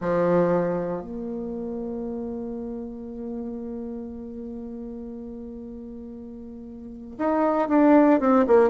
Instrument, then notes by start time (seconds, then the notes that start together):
bassoon
0.00 F3
1.01 A#3
7.18 D#4
7.68 D4
8.20 C4
8.47 A#3